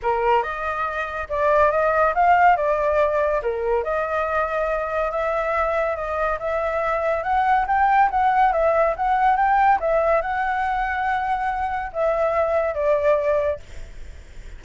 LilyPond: \new Staff \with { instrumentName = "flute" } { \time 4/4 \tempo 4 = 141 ais'4 dis''2 d''4 | dis''4 f''4 d''2 | ais'4 dis''2. | e''2 dis''4 e''4~ |
e''4 fis''4 g''4 fis''4 | e''4 fis''4 g''4 e''4 | fis''1 | e''2 d''2 | }